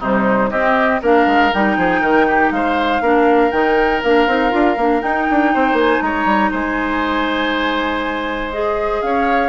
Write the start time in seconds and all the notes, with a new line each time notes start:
0.00 C3 G3 D#4 C5
0.50 C4 G4 D#5
1.02 A#3 D4 A#4 F5
1.27 G#3
1.53 G3 D#4 G5
1.77 F3 G#4
2.01 D#3 A#4
2.28 G4
2.51 G#3 C5 F5
3.01 A#3 D4 A#4
3.51 D#3 D#4 G5
4.03 A#3 D4 F5
4.27 C4 D#4
4.50 D4 F4
4.77 A#3 D4
5.01 D#4 G5
5.30 D4
5.53 C4 C5
5.73 A#3
5.79 G#5
6.02 G#3 C#5 A#5
6.25 G3
6.51 G#3 C5 G#5
8.52 G#4 D#5
9.02 C#4 C#5 F5